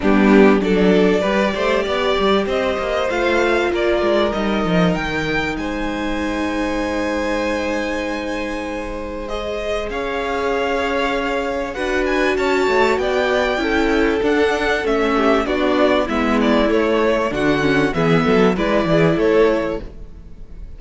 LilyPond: <<
  \new Staff \with { instrumentName = "violin" } { \time 4/4 \tempo 4 = 97 g'4 d''2. | dis''4 f''4 d''4 dis''4 | g''4 gis''2.~ | gis''2. dis''4 |
f''2. fis''8 gis''8 | a''4 g''2 fis''4 | e''4 d''4 e''8 d''8 cis''4 | fis''4 e''4 d''4 cis''4 | }
  \new Staff \with { instrumentName = "violin" } { \time 4/4 d'4 a'4 b'8 c''8 d''4 | c''2 ais'2~ | ais'4 c''2.~ | c''1 |
cis''2. b'4 | cis''4 d''4 a'2~ | a'8 g'8 fis'4 e'2 | fis'4 gis'8 a'8 b'8 gis'8 a'4 | }
  \new Staff \with { instrumentName = "viola" } { \time 4/4 b4 d'4 g'2~ | g'4 f'2 dis'4~ | dis'1~ | dis'2. gis'4~ |
gis'2. fis'4~ | fis'2 e'4 d'4 | cis'4 d'4 b4 a4 | d'8 cis'8 b4 e'2 | }
  \new Staff \with { instrumentName = "cello" } { \time 4/4 g4 fis4 g8 a8 b8 g8 | c'8 ais8 a4 ais8 gis8 g8 f8 | dis4 gis2.~ | gis1 |
cis'2. d'4 | cis'8 a8 b4 cis'4 d'4 | a4 b4 gis4 a4 | d4 e8 fis8 gis8 e8 a4 | }
>>